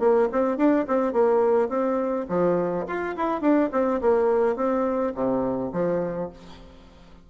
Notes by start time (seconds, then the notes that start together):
0.00 A#3
0.32 C4
0.57 D4
0.88 C4
1.13 A#3
1.69 C4
2.29 F3
2.88 F4
3.17 E4
3.42 D4
3.72 C4
4.02 A#3
4.56 C4
5.15 C3
5.73 F3